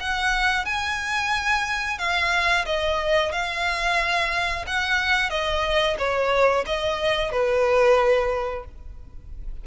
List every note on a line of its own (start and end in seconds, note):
0.00 0.65 F#5
0.65 1.98 G#5
1.98 2.65 F5
2.65 3.32 D#5
3.32 4.65 F5
4.67 5.30 F#5
5.30 5.97 D#5
5.98 6.65 C#5
6.66 7.31 D#5
7.31 8.65 B4